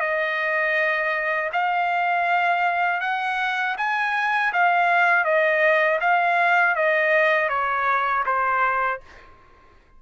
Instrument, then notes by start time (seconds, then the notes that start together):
trumpet
0.00 D#5
1.52 F5
3.00 F#5
3.77 G#5
4.53 F5
5.24 D#5
6.00 F5
6.75 D#5
7.49 C#5
8.25 C5